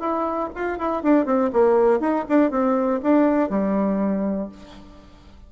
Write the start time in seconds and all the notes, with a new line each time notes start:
0.00 E4
0.55 F4
0.78 E4
1.03 D4
1.26 C4
1.53 A#3
2.00 D#4
2.29 D4
2.51 C4
3.03 D4
3.50 G3